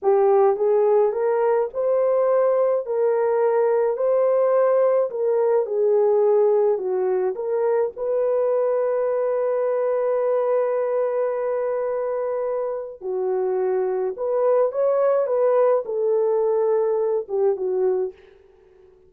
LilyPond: \new Staff \with { instrumentName = "horn" } { \time 4/4 \tempo 4 = 106 g'4 gis'4 ais'4 c''4~ | c''4 ais'2 c''4~ | c''4 ais'4 gis'2 | fis'4 ais'4 b'2~ |
b'1~ | b'2. fis'4~ | fis'4 b'4 cis''4 b'4 | a'2~ a'8 g'8 fis'4 | }